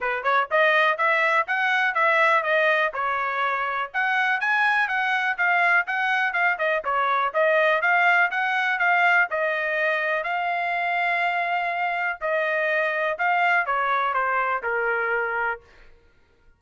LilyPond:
\new Staff \with { instrumentName = "trumpet" } { \time 4/4 \tempo 4 = 123 b'8 cis''8 dis''4 e''4 fis''4 | e''4 dis''4 cis''2 | fis''4 gis''4 fis''4 f''4 | fis''4 f''8 dis''8 cis''4 dis''4 |
f''4 fis''4 f''4 dis''4~ | dis''4 f''2.~ | f''4 dis''2 f''4 | cis''4 c''4 ais'2 | }